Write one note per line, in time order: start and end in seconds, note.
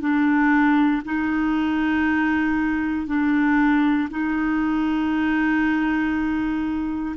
0.00 1.02 D4
1.05 3.06 D#4
3.06 4.08 D4
4.10 7.15 D#4